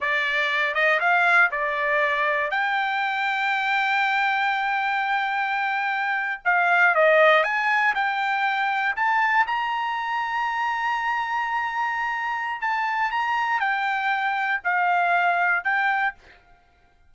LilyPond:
\new Staff \with { instrumentName = "trumpet" } { \time 4/4 \tempo 4 = 119 d''4. dis''8 f''4 d''4~ | d''4 g''2.~ | g''1~ | g''8. f''4 dis''4 gis''4 g''16~ |
g''4.~ g''16 a''4 ais''4~ ais''16~ | ais''1~ | ais''4 a''4 ais''4 g''4~ | g''4 f''2 g''4 | }